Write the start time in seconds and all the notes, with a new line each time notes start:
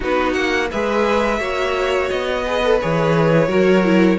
0.00 B3 D#4 F#4 B4
0.33 A#3 F#5
0.70 G#3 G#4 B4 E5
1.39 A#3 F#4 C#5
2.09 B3 D#5
2.45 G#4 B4
2.64 A4
2.80 E3 G#4 C#5
3.48 F#3 F#4 A#4
3.84 E4